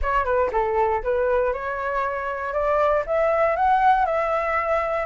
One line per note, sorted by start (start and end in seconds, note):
0.01 0.24 C#5
0.24 0.50 B4
0.52 1.03 A4
1.03 1.53 B4
1.53 2.53 C#5
2.53 3.04 D5
3.06 3.56 E5
3.56 4.05 F#5
4.05 5.06 E5